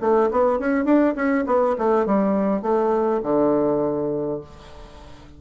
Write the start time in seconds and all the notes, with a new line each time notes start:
0.00 A3
0.31 B3
0.59 C#4
0.84 D4
1.15 C#4
1.46 B3
1.78 A3
2.06 G3
2.62 A3
3.23 D3